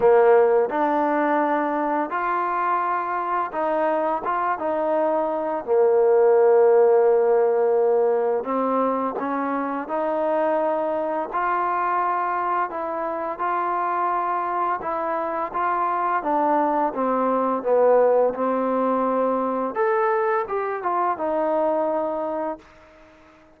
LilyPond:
\new Staff \with { instrumentName = "trombone" } { \time 4/4 \tempo 4 = 85 ais4 d'2 f'4~ | f'4 dis'4 f'8 dis'4. | ais1 | c'4 cis'4 dis'2 |
f'2 e'4 f'4~ | f'4 e'4 f'4 d'4 | c'4 b4 c'2 | a'4 g'8 f'8 dis'2 | }